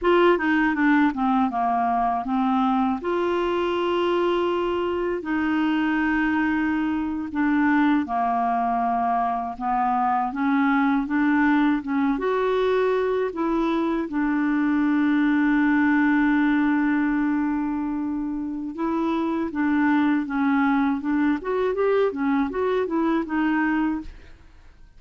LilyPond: \new Staff \with { instrumentName = "clarinet" } { \time 4/4 \tempo 4 = 80 f'8 dis'8 d'8 c'8 ais4 c'4 | f'2. dis'4~ | dis'4.~ dis'16 d'4 ais4~ ais16~ | ais8. b4 cis'4 d'4 cis'16~ |
cis'16 fis'4. e'4 d'4~ d'16~ | d'1~ | d'4 e'4 d'4 cis'4 | d'8 fis'8 g'8 cis'8 fis'8 e'8 dis'4 | }